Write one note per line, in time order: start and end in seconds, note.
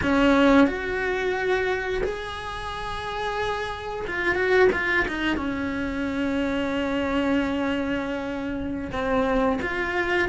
0.02 0.67 C#4
0.67 2.02 F#4
2.03 4.05 G#4
4.07 4.35 F4
4.35 4.69 F#4
4.72 5.06 F4
5.08 5.37 D#4
5.37 8.91 C#4
8.91 9.59 C4
9.62 10.28 F4